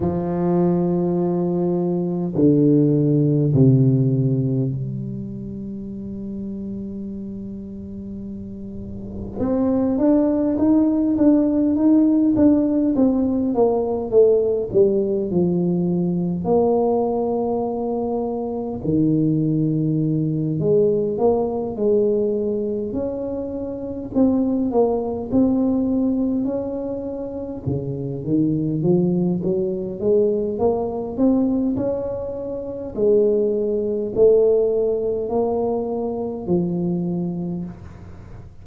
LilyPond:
\new Staff \with { instrumentName = "tuba" } { \time 4/4 \tempo 4 = 51 f2 d4 c4 | g1 | c'8 d'8 dis'8 d'8 dis'8 d'8 c'8 ais8 | a8 g8 f4 ais2 |
dis4. gis8 ais8 gis4 cis'8~ | cis'8 c'8 ais8 c'4 cis'4 cis8 | dis8 f8 fis8 gis8 ais8 c'8 cis'4 | gis4 a4 ais4 f4 | }